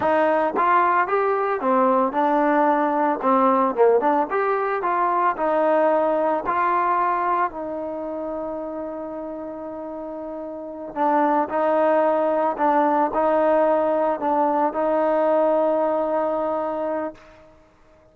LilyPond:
\new Staff \with { instrumentName = "trombone" } { \time 4/4 \tempo 4 = 112 dis'4 f'4 g'4 c'4 | d'2 c'4 ais8 d'8 | g'4 f'4 dis'2 | f'2 dis'2~ |
dis'1~ | dis'8 d'4 dis'2 d'8~ | d'8 dis'2 d'4 dis'8~ | dis'1 | }